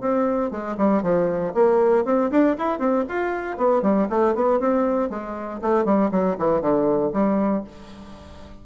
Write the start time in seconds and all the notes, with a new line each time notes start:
0.00 C4
0.51 G#3
0.77 G3
1.02 F3
1.54 A#3
2.05 C4
2.30 D4
2.58 E4
2.79 C4
3.08 F4
3.57 B3
3.82 G3
4.10 A3
4.35 B3
4.59 C4
5.09 G#3
5.62 A3
5.85 G3
6.11 F#3
6.38 E3
6.61 D3
7.13 G3